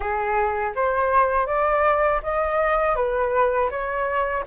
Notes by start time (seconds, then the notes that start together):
0.00 G#4
0.75 C5
1.46 D5
2.22 D#5
2.95 B4
3.70 C#5